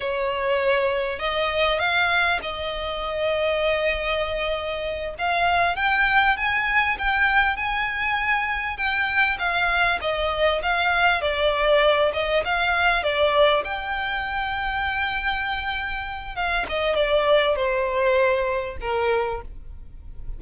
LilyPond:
\new Staff \with { instrumentName = "violin" } { \time 4/4 \tempo 4 = 99 cis''2 dis''4 f''4 | dis''1~ | dis''8 f''4 g''4 gis''4 g''8~ | g''8 gis''2 g''4 f''8~ |
f''8 dis''4 f''4 d''4. | dis''8 f''4 d''4 g''4.~ | g''2. f''8 dis''8 | d''4 c''2 ais'4 | }